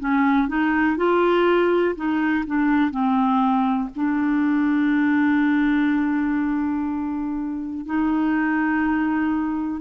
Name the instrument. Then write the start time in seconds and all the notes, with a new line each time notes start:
clarinet
0.00 C#4
0.48 D#4
0.97 F4
1.96 D#4
2.47 D4
2.92 C4
3.96 D4
7.86 D#4